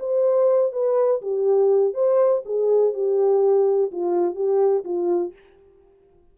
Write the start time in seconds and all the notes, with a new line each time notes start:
0.00 C5
0.73 B4
1.22 G4
1.94 C5
2.45 G#4
2.94 G4
3.92 F4
4.35 G4
4.85 F4